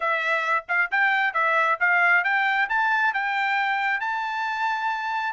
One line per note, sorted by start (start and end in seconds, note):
0.00 0.65 E5
0.68 0.91 F5
0.91 1.33 G5
1.33 1.78 E5
1.80 2.23 F5
2.23 2.68 G5
2.69 3.13 A5
3.13 4.00 G5
4.00 5.33 A5